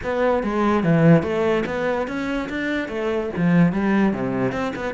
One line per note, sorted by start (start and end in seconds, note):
0.03 0.43 B3
0.43 0.83 G#3
0.83 1.22 E3
1.22 1.64 A3
1.66 2.07 B3
2.07 2.48 C#4
2.49 2.88 D4
2.88 3.30 A3
3.36 3.72 F3
3.72 4.13 G3
4.13 4.52 C3
4.52 4.72 C4
4.75 4.94 B3